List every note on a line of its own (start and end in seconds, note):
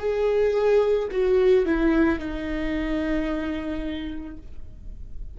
0.00 1.09 G#4
1.12 1.66 F#4
1.66 2.20 E4
2.20 4.38 D#4